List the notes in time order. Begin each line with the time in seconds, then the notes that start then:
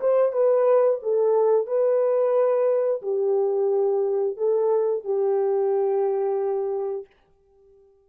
0.00 C5
0.32 B4
1.02 A4
1.66 B4
3.02 G4
4.37 A4
5.04 G4